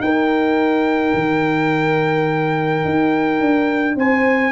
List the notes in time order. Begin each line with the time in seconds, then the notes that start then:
0.00 D#4 A#4 G5
1.14 D#3
2.85 D#4
3.41 D4
3.96 C4 C5 G#5